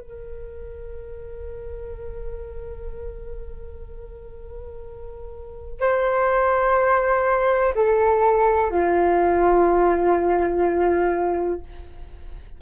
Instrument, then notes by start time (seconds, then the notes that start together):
flute
0.00 A#4
5.80 C5
7.75 A4
8.71 F4